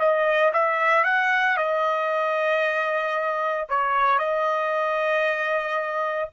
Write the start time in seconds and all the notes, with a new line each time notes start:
0.00 D#5
0.54 E5
1.05 F#5
1.57 D#5
3.69 C#5
4.19 D#5